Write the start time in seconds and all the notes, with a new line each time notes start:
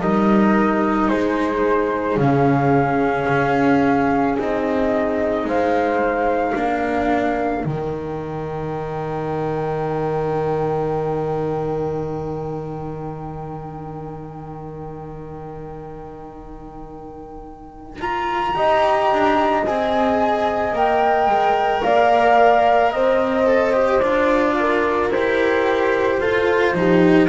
0.00 G3 D#4 A#4 D#5
1.08 G#3 G#4 C5
2.17 C#3 C#4 F5
3.28 C#4
4.38 C4 D#4 D#5
5.44 G#3 C5 F5
6.55 A#3 D4 A#4
7.63 D#3 D#4 G5
18.00 F4 A#5
18.54 D#4 G4 D#5
19.12 D4
19.65 C4 G#4 G#5
20.72 A#3 A#4 G5
21.27 G#3
21.82 A#3 D5 F5
22.91 C4 C5 D#5
23.46 A4
23.73 G4
24.00 D4 F4 D5
24.60 A#4
25.08 E4 G4 C5
26.19 F4 A4
26.73 F3 D#4 G4